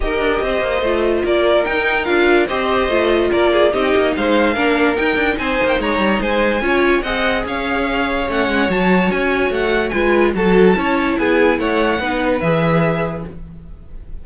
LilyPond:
<<
  \new Staff \with { instrumentName = "violin" } { \time 4/4 \tempo 4 = 145 dis''2. d''4 | g''4 f''4 dis''2 | d''4 dis''4 f''2 | g''4 gis''8. g''16 ais''4 gis''4~ |
gis''4 fis''4 f''2 | fis''4 a''4 gis''4 fis''4 | gis''4 a''2 gis''4 | fis''2 e''2 | }
  \new Staff \with { instrumentName = "violin" } { \time 4/4 ais'4 c''2 ais'4~ | ais'2 c''2 | ais'8 gis'8 g'4 c''4 ais'4~ | ais'4 c''4 cis''4 c''4 |
cis''4 dis''4 cis''2~ | cis''1 | b'4 a'4 cis''4 gis'4 | cis''4 b'2. | }
  \new Staff \with { instrumentName = "viola" } { \time 4/4 g'2 f'2 | dis'4 f'4 g'4 f'4~ | f'4 dis'2 d'4 | dis'1 |
f'4 gis'2. | cis'4 fis'2. | f'4 fis'4 e'2~ | e'4 dis'4 gis'2 | }
  \new Staff \with { instrumentName = "cello" } { \time 4/4 dis'8 d'8 c'8 ais8 a4 ais4 | dis'4 d'4 c'4 a4 | ais4 c'8 ais8 gis4 ais4 | dis'8 d'8 c'8 ais8 gis8 g8 gis4 |
cis'4 c'4 cis'2 | a8 gis8 fis4 cis'4 a4 | gis4 fis4 cis'4 b4 | a4 b4 e2 | }
>>